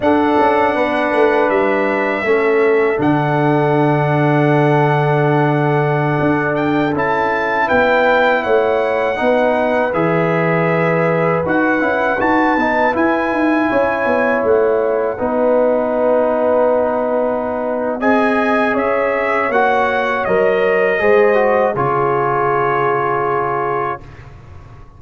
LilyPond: <<
  \new Staff \with { instrumentName = "trumpet" } { \time 4/4 \tempo 4 = 80 fis''2 e''2 | fis''1~ | fis''8. g''8 a''4 g''4 fis''8.~ | fis''4~ fis''16 e''2 fis''8.~ |
fis''16 a''4 gis''2 fis''8.~ | fis''1 | gis''4 e''4 fis''4 dis''4~ | dis''4 cis''2. | }
  \new Staff \with { instrumentName = "horn" } { \time 4/4 a'4 b'2 a'4~ | a'1~ | a'2~ a'16 b'4 cis''8.~ | cis''16 b'2.~ b'8.~ |
b'2~ b'16 cis''4.~ cis''16~ | cis''16 b'2.~ b'8. | dis''4 cis''2. | c''4 gis'2. | }
  \new Staff \with { instrumentName = "trombone" } { \time 4/4 d'2. cis'4 | d'1~ | d'4~ d'16 e'2~ e'8.~ | e'16 dis'4 gis'2 fis'8 e'16~ |
e'16 fis'8 dis'8 e'2~ e'8.~ | e'16 dis'2.~ dis'8. | gis'2 fis'4 ais'4 | gis'8 fis'8 f'2. | }
  \new Staff \with { instrumentName = "tuba" } { \time 4/4 d'8 cis'8 b8 a8 g4 a4 | d1~ | d16 d'4 cis'4 b4 a8.~ | a16 b4 e2 dis'8 cis'16~ |
cis'16 dis'8 b8 e'8 dis'8 cis'8 b8 a8.~ | a16 b2.~ b8. | c'4 cis'4 ais4 fis4 | gis4 cis2. | }
>>